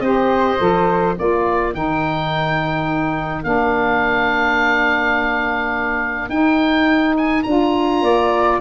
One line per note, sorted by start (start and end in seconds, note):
0.00 0.57 C4
0.00 0.59 G4
0.00 1.18 C5
0.00 1.15 D#5
0.59 1.18 F3
0.59 1.16 A4
1.18 1.74 A#3
1.18 1.73 F4
1.18 8.03 A#4
1.18 1.75 D5
1.73 3.44 D#3
1.73 3.43 D#4
1.73 3.44 G5
3.43 6.30 A#3
3.43 6.29 D4
3.43 6.30 F5
6.30 7.44 D#4
6.30 7.16 G5
7.17 7.43 G#5
7.43 8.02 D4
7.43 8.61 F4
7.43 8.57 A#5
8.02 8.59 A#3
8.02 8.60 D5